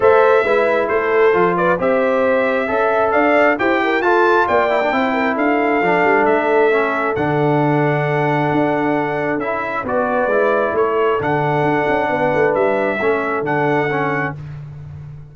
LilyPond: <<
  \new Staff \with { instrumentName = "trumpet" } { \time 4/4 \tempo 4 = 134 e''2 c''4. d''8 | e''2. f''4 | g''4 a''4 g''2 | f''2 e''2 |
fis''1~ | fis''4 e''4 d''2 | cis''4 fis''2. | e''2 fis''2 | }
  \new Staff \with { instrumentName = "horn" } { \time 4/4 c''4 b'4 a'4. b'8 | c''2 e''4 d''4 | c''8 ais'8 a'4 d''4 c''8 ais'8 | a'1~ |
a'1~ | a'2 b'2 | a'2. b'4~ | b'4 a'2. | }
  \new Staff \with { instrumentName = "trombone" } { \time 4/4 a'4 e'2 f'4 | g'2 a'2 | g'4 f'4. e'16 d'16 e'4~ | e'4 d'2 cis'4 |
d'1~ | d'4 e'4 fis'4 e'4~ | e'4 d'2.~ | d'4 cis'4 d'4 cis'4 | }
  \new Staff \with { instrumentName = "tuba" } { \time 4/4 a4 gis4 a4 f4 | c'2 cis'4 d'4 | e'4 f'4 ais4 c'4 | d'4 f8 g8 a2 |
d2. d'4~ | d'4 cis'4 b4 gis4 | a4 d4 d'8 cis'8 b8 a8 | g4 a4 d2 | }
>>